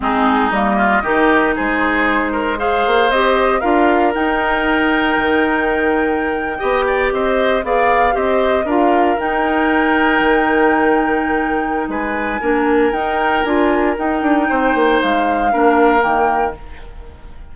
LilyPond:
<<
  \new Staff \with { instrumentName = "flute" } { \time 4/4 \tempo 4 = 116 gis'4 dis''2 c''4~ | c''4 f''4 dis''4 f''4 | g''1~ | g''4.~ g''16 dis''4 f''4 dis''16~ |
dis''8. f''4 g''2~ g''16~ | g''2. gis''4~ | gis''4 g''4 gis''4 g''4~ | g''4 f''2 g''4 | }
  \new Staff \with { instrumentName = "oboe" } { \time 4/4 dis'4. f'8 g'4 gis'4~ | gis'8 ais'8 c''2 ais'4~ | ais'1~ | ais'8. dis''8 d''8 c''4 d''4 c''16~ |
c''8. ais'2.~ ais'16~ | ais'2. b'4 | ais'1 | c''2 ais'2 | }
  \new Staff \with { instrumentName = "clarinet" } { \time 4/4 c'4 ais4 dis'2~ | dis'4 gis'4 g'4 f'4 | dis'1~ | dis'8. g'2 gis'4 g'16~ |
g'8. f'4 dis'2~ dis'16~ | dis'1 | d'4 dis'4 f'4 dis'4~ | dis'2 d'4 ais4 | }
  \new Staff \with { instrumentName = "bassoon" } { \time 4/4 gis4 g4 dis4 gis4~ | gis4. ais8 c'4 d'4 | dis'2 dis2~ | dis8. b4 c'4 b4 c'16~ |
c'8. d'4 dis'2 dis16~ | dis2. gis4 | ais4 dis'4 d'4 dis'8 d'8 | c'8 ais8 gis4 ais4 dis4 | }
>>